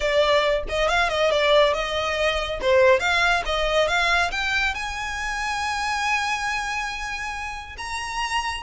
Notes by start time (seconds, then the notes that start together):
0.00 D5
0.68 D#5
0.88 F5
1.09 D#5
1.30 D5
1.73 D#5
2.61 C5
2.99 F5
3.45 D#5
3.87 F5
4.31 G5
4.74 G#5
7.77 A#5